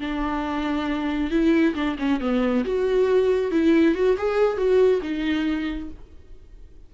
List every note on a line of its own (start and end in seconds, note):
0.00 1.31 D4
1.31 1.74 E4
1.75 1.96 D4
1.99 2.20 C#4
2.20 2.64 B3
2.65 3.51 F#4
3.51 3.95 E4
3.95 4.16 F#4
4.17 4.57 G#4
4.57 5.01 F#4
5.02 5.89 D#4